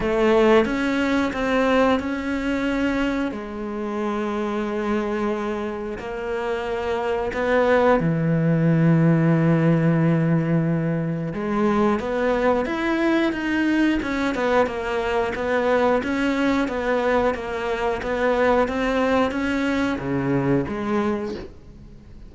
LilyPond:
\new Staff \with { instrumentName = "cello" } { \time 4/4 \tempo 4 = 90 a4 cis'4 c'4 cis'4~ | cis'4 gis2.~ | gis4 ais2 b4 | e1~ |
e4 gis4 b4 e'4 | dis'4 cis'8 b8 ais4 b4 | cis'4 b4 ais4 b4 | c'4 cis'4 cis4 gis4 | }